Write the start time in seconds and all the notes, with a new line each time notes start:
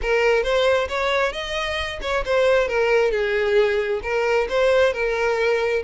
0.01 A#4
0.43 C5
0.88 C#5
1.32 D#5
2.01 C#5
2.25 C5
2.68 A#4
3.11 G#4
4.03 A#4
4.49 C5
4.93 A#4